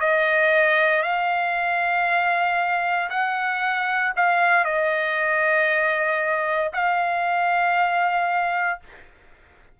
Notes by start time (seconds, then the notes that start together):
0.00 D#5
1.02 F5
3.09 F#5
4.16 F5
4.64 D#5
6.72 F5